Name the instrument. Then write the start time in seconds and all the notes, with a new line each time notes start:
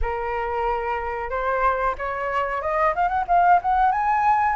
flute
0.01 A#4
1.30 C5
1.97 C#5
2.61 D#5
2.95 F5
3.08 F#5
3.27 F5
3.62 F#5
3.91 G#5